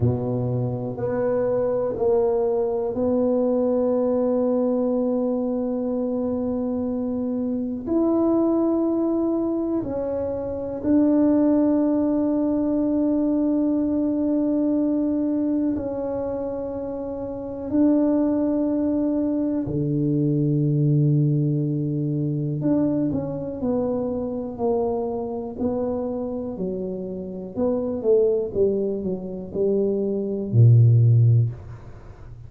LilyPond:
\new Staff \with { instrumentName = "tuba" } { \time 4/4 \tempo 4 = 61 b,4 b4 ais4 b4~ | b1 | e'2 cis'4 d'4~ | d'1 |
cis'2 d'2 | d2. d'8 cis'8 | b4 ais4 b4 fis4 | b8 a8 g8 fis8 g4 ais,4 | }